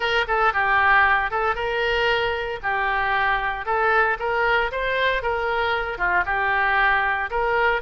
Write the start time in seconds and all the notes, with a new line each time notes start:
0.00 A#4
0.27 A4
0.53 G4
1.30 A4
1.55 A#4
2.62 G4
3.65 A4
4.19 A#4
4.71 C5
5.22 A#4
5.98 F4
6.25 G4
7.30 A#4